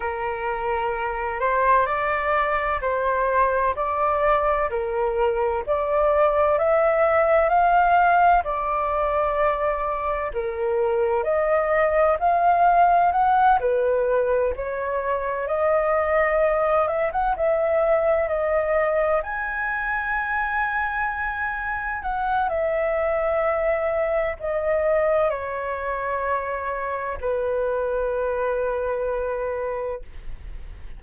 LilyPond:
\new Staff \with { instrumentName = "flute" } { \time 4/4 \tempo 4 = 64 ais'4. c''8 d''4 c''4 | d''4 ais'4 d''4 e''4 | f''4 d''2 ais'4 | dis''4 f''4 fis''8 b'4 cis''8~ |
cis''8 dis''4. e''16 fis''16 e''4 dis''8~ | dis''8 gis''2. fis''8 | e''2 dis''4 cis''4~ | cis''4 b'2. | }